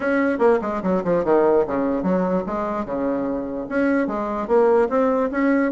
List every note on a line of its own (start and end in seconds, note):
0.00 0.38 C#4
0.38 0.59 A#3
0.61 0.82 G#3
0.82 1.03 F#3
1.03 1.24 F3
1.24 1.65 D#3
1.66 2.02 C#3
2.02 2.43 F#3
2.46 2.85 G#3
2.85 3.67 C#3
3.68 4.07 C#4
4.07 4.47 G#3
4.47 4.88 A#3
4.89 5.30 C4
5.31 5.71 C#4